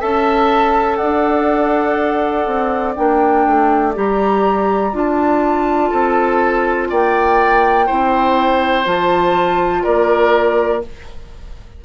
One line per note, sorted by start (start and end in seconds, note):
0.00 1.00 C#4
0.00 2.96 A4
0.00 0.98 E5
0.00 0.97 A5
0.97 2.47 D4
0.97 5.90 D5
0.97 2.93 F#5
2.47 2.96 C4
2.95 3.47 A#3
2.95 3.94 D4
2.95 3.94 G5
3.47 3.96 A3
3.94 4.93 G3
3.94 4.93 G4
3.94 4.96 A#5
4.93 5.92 D4
4.93 7.87 F4
4.93 6.90 A5
5.90 6.91 C4
5.90 6.88 A4
6.90 7.90 A#3
6.90 7.86 D5
6.90 8.86 G5
7.86 8.86 C4
7.86 8.85 E4
7.86 9.83 C5
8.85 9.85 F3
8.85 10.82 F4
8.85 9.84 A5
9.84 10.85 A#3
9.84 10.82 A#4
9.84 10.82 D5